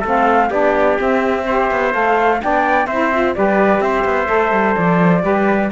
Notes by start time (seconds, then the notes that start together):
0.00 A3 C4 A4
0.08 F5
0.50 B3 D4 G4 D5
0.99 C4 E5
1.46 G4 C5
1.71 B3
1.92 A3 A4 F5
2.41 B3 D4 D5 G5
2.87 C4 E4 C5 E5
3.14 F4
3.35 G3 G4 B4 D5
3.81 C4 C5 E5
4.05 B3
4.26 A3 A4
4.52 G3
4.76 F3 D5
5.22 G3 G4 B4